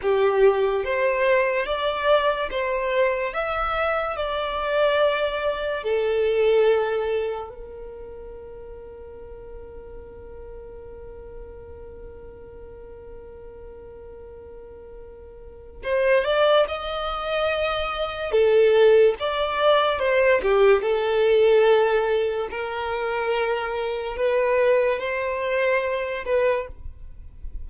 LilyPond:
\new Staff \with { instrumentName = "violin" } { \time 4/4 \tempo 4 = 72 g'4 c''4 d''4 c''4 | e''4 d''2 a'4~ | a'4 ais'2.~ | ais'1~ |
ais'2. c''8 d''8 | dis''2 a'4 d''4 | c''8 g'8 a'2 ais'4~ | ais'4 b'4 c''4. b'8 | }